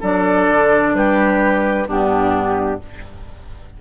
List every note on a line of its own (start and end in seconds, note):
0.00 0.48 F#3
0.00 1.86 D4
0.00 0.92 A4
0.00 0.95 D5
0.48 0.94 D3
0.94 1.86 G3
0.94 1.87 G4
0.94 1.87 B4
1.87 2.80 G2
1.87 2.79 B3
1.87 2.80 D4
1.87 2.81 G4